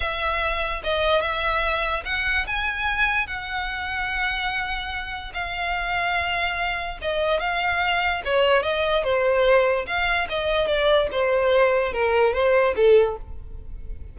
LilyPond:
\new Staff \with { instrumentName = "violin" } { \time 4/4 \tempo 4 = 146 e''2 dis''4 e''4~ | e''4 fis''4 gis''2 | fis''1~ | fis''4 f''2.~ |
f''4 dis''4 f''2 | cis''4 dis''4 c''2 | f''4 dis''4 d''4 c''4~ | c''4 ais'4 c''4 a'4 | }